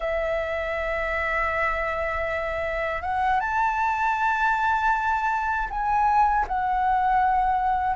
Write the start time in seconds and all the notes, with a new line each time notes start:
0.00 E5
3.02 F#5
3.40 A5
5.70 G#5
6.47 F#5